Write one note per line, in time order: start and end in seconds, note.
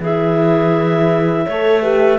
0.00 1.46 E3
0.00 1.50 E4
0.00 1.46 G#4
0.00 2.19 E5
1.46 2.19 A3
1.46 1.83 A4
1.46 1.83 C#5
1.83 2.19 G4
1.83 2.19 B4